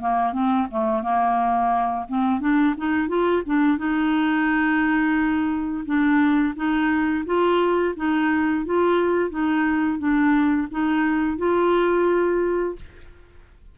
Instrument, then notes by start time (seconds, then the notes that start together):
clarinet
0.00 A#3
0.32 C4
0.70 A3
1.02 A#3
2.08 C4
2.40 D4
2.77 D#4
3.08 F4
3.45 D4
3.77 D#4
5.85 D4
6.55 D#4
7.25 F4
7.96 D#4
8.65 F4
9.30 D#4
9.98 D4
10.71 D#4
11.38 F4